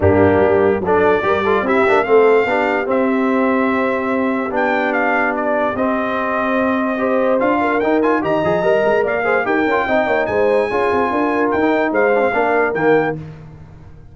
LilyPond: <<
  \new Staff \with { instrumentName = "trumpet" } { \time 4/4 \tempo 4 = 146 g'2 d''2 | e''4 f''2 e''4~ | e''2. g''4 | f''4 d''4 dis''2~ |
dis''2 f''4 g''8 gis''8 | ais''2 f''4 g''4~ | g''4 gis''2. | g''4 f''2 g''4 | }
  \new Staff \with { instrumentName = "horn" } { \time 4/4 d'2 a'4 ais'8 a'8 | g'4 a'4 g'2~ | g'1~ | g'1~ |
g'4 c''4. ais'4. | dis''2 d''8 c''8 ais'4 | dis''8 cis''8 c''4 gis'4 ais'4~ | ais'4 c''4 ais'2 | }
  \new Staff \with { instrumentName = "trombone" } { \time 4/4 ais2 d'4 g'8 f'8 | e'8 d'8 c'4 d'4 c'4~ | c'2. d'4~ | d'2 c'2~ |
c'4 g'4 f'4 dis'8 f'8 | g'8 gis'8 ais'4. gis'8 g'8 f'8 | dis'2 f'2~ | f'16 dis'4~ dis'16 d'16 c'16 d'4 ais4 | }
  \new Staff \with { instrumentName = "tuba" } { \time 4/4 g,4 g4 fis4 g4 | c'8 ais8 a4 b4 c'4~ | c'2. b4~ | b2 c'2~ |
c'2 d'4 dis'4 | dis8 f8 g8 gis8 ais4 dis'8 cis'8 | c'8 ais8 gis4 cis'8 c'8 d'4 | dis'4 gis4 ais4 dis4 | }
>>